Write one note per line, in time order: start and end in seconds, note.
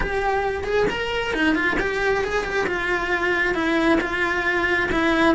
0.00 0.64 G4
0.64 0.86 G#4
0.89 1.33 A#4
1.33 1.55 D#4
1.55 1.77 F4
1.79 2.23 G4
2.23 2.44 G#4
2.44 2.66 G4
2.66 3.54 F4
3.54 3.98 E4
4.00 4.89 F4
4.91 5.34 E4